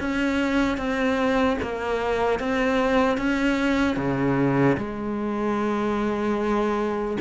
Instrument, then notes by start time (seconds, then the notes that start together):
cello
0.00 C#4
0.77 C4
1.62 A#3
2.40 C4
3.17 C#4
3.97 C#3
4.77 G#3